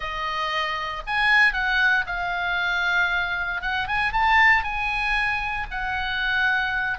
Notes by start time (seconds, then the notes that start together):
0.00 D#5
1.06 G#5
1.53 F#5
2.06 F5
3.61 F#5
3.87 G#5
4.12 A5
4.63 G#5
5.70 F#5